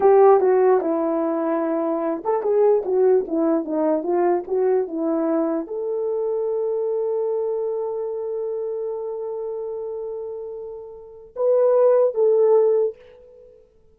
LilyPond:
\new Staff \with { instrumentName = "horn" } { \time 4/4 \tempo 4 = 148 g'4 fis'4 e'2~ | e'4. a'8 gis'4 fis'4 | e'4 dis'4 f'4 fis'4 | e'2 a'2~ |
a'1~ | a'1~ | a'1 | b'2 a'2 | }